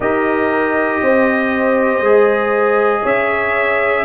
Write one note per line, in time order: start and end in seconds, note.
0.00 1.01 D#4
0.00 2.04 G4
0.00 1.01 A#4
0.00 3.06 D#5
1.01 2.00 C4
1.01 3.02 C5
2.00 3.01 G#3
2.00 4.04 G#4
3.02 4.04 C#4
3.02 4.04 C#5
3.02 4.04 E5